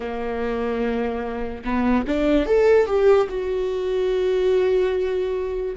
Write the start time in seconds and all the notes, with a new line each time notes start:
0.00 A#3
1.64 B3
2.07 D4
2.45 A4
2.86 G4
3.29 F#4